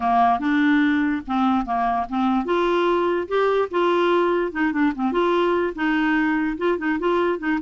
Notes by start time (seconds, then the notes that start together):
0.00 A#3
0.39 D4
1.26 C4
1.65 A#3
2.09 C4
2.45 F4
3.27 G4
3.70 F4
4.51 D#4
4.72 D4
4.95 C4
5.12 F4
5.75 D#4
6.57 F4
6.78 D#4
6.99 F4
7.38 D#4